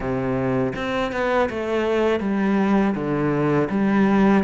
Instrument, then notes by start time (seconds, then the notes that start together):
cello
0.00 C3
0.75 C4
1.12 B3
1.49 A3
2.20 G3
2.95 D3
3.70 G3